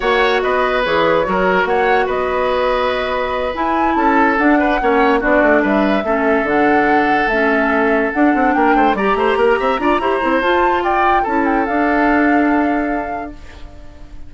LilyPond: <<
  \new Staff \with { instrumentName = "flute" } { \time 4/4 \tempo 4 = 144 fis''4 dis''4 cis''2 | fis''4 dis''2.~ | dis''8 gis''4 a''4 fis''4.~ | fis''8 d''4 e''2 fis''8~ |
fis''4. e''2 fis''8~ | fis''8 g''4 ais''2~ ais''8~ | ais''4 a''4 g''4 a''8 g''8 | f''1 | }
  \new Staff \with { instrumentName = "oboe" } { \time 4/4 cis''4 b'2 ais'4 | cis''4 b'2.~ | b'4. a'4. b'8 cis''8~ | cis''8 fis'4 b'4 a'4.~ |
a'1~ | a'8 ais'8 c''8 d''8 c''8 ais'8 e''8 d''8 | c''2 d''4 a'4~ | a'1 | }
  \new Staff \with { instrumentName = "clarinet" } { \time 4/4 fis'2 gis'4 fis'4~ | fis'1~ | fis'8 e'2 d'4 cis'8~ | cis'8 d'2 cis'4 d'8~ |
d'4. cis'2 d'8~ | d'4. g'2 f'8 | g'8 e'8 f'2 e'4 | d'1 | }
  \new Staff \with { instrumentName = "bassoon" } { \time 4/4 ais4 b4 e4 fis4 | ais4 b2.~ | b8 e'4 cis'4 d'4 ais8~ | ais8 b8 a8 g4 a4 d8~ |
d4. a2 d'8 | c'8 ais8 a8 g8 a8 ais8 c'8 d'8 | e'8 c'8 f'2 cis'4 | d'1 | }
>>